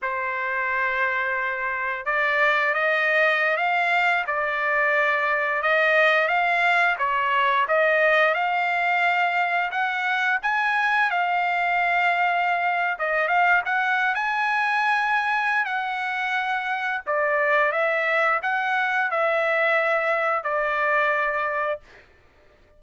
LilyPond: \new Staff \with { instrumentName = "trumpet" } { \time 4/4 \tempo 4 = 88 c''2. d''4 | dis''4~ dis''16 f''4 d''4.~ d''16~ | d''16 dis''4 f''4 cis''4 dis''8.~ | dis''16 f''2 fis''4 gis''8.~ |
gis''16 f''2~ f''8. dis''8 f''8 | fis''8. gis''2~ gis''16 fis''4~ | fis''4 d''4 e''4 fis''4 | e''2 d''2 | }